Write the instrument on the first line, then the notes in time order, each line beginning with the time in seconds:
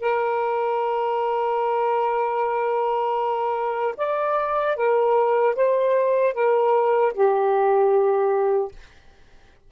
saxophone
0.00 A#4
3.97 D5
4.76 A#4
5.55 C5
6.34 A#4
7.13 G4